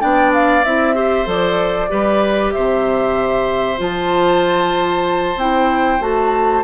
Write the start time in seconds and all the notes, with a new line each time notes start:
0.00 B3 D4 D5 G5
0.34 F5
0.64 C4 E4 E5
0.94 G4 C5
1.25 F3 A4 D5
1.89 G3 G4 B4
2.52 C3 C5 E5
3.77 F3 F4 A5
5.36 C4 E4 G5
6.00 A3 F#4 A5